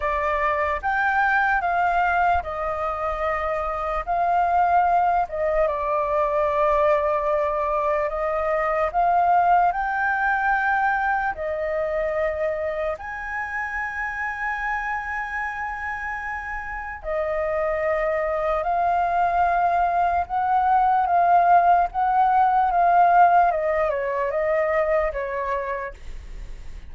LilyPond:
\new Staff \with { instrumentName = "flute" } { \time 4/4 \tempo 4 = 74 d''4 g''4 f''4 dis''4~ | dis''4 f''4. dis''8 d''4~ | d''2 dis''4 f''4 | g''2 dis''2 |
gis''1~ | gis''4 dis''2 f''4~ | f''4 fis''4 f''4 fis''4 | f''4 dis''8 cis''8 dis''4 cis''4 | }